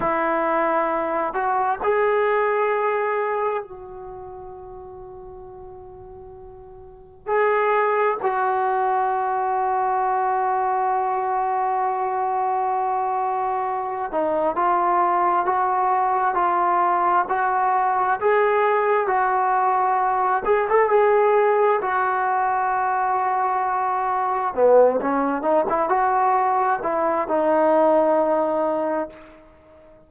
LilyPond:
\new Staff \with { instrumentName = "trombone" } { \time 4/4 \tempo 4 = 66 e'4. fis'8 gis'2 | fis'1 | gis'4 fis'2.~ | fis'2.~ fis'8 dis'8 |
f'4 fis'4 f'4 fis'4 | gis'4 fis'4. gis'16 a'16 gis'4 | fis'2. b8 cis'8 | dis'16 e'16 fis'4 e'8 dis'2 | }